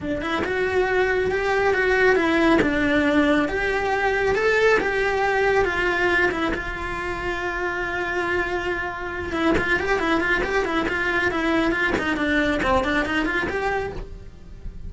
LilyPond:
\new Staff \with { instrumentName = "cello" } { \time 4/4 \tempo 4 = 138 d'8 e'8 fis'2 g'4 | fis'4 e'4 d'2 | g'2 a'4 g'4~ | g'4 f'4. e'8 f'4~ |
f'1~ | f'4. e'8 f'8 g'8 e'8 f'8 | g'8 e'8 f'4 e'4 f'8 dis'8 | d'4 c'8 d'8 dis'8 f'8 g'4 | }